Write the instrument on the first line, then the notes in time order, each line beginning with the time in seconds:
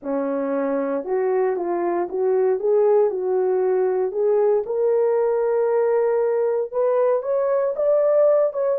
horn
0.02 C#4
1.04 F#4
1.56 F4
2.09 F#4
2.59 G#4
3.10 F#4
4.11 G#4
4.66 A#4
6.71 B4
7.22 C#5
7.76 D5
8.53 C#5